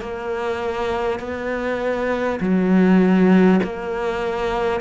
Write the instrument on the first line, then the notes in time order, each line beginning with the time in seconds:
cello
0.00 A#3
1.19 B3
2.40 F#3
3.63 A#3